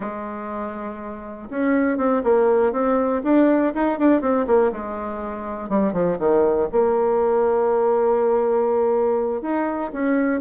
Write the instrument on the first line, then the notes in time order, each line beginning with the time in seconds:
bassoon
0.00 G#3
1.50 C#4
1.97 C4
2.23 A#3
2.72 C4
3.23 D4
3.74 D#4
3.98 D4
4.21 C4
4.46 A#3
4.72 G#3
5.69 G3
5.93 F3
6.19 D#3
6.71 A#3
9.41 D#4
9.92 C#4